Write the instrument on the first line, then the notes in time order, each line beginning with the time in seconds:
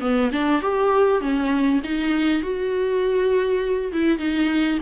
viola
0.00 B3
0.31 D4
0.62 G4
1.21 C#4
1.84 D#4
2.42 F#4
3.92 E4
4.18 D#4